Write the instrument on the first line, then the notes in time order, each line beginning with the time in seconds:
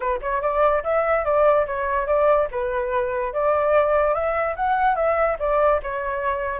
flute
0.00 B4
0.21 C#5
0.41 D5
0.83 E5
1.24 D5
1.66 C#5
2.06 D5
2.51 B4
3.33 D5
4.13 E5
4.56 F#5
4.95 E5
5.39 D5
5.83 C#5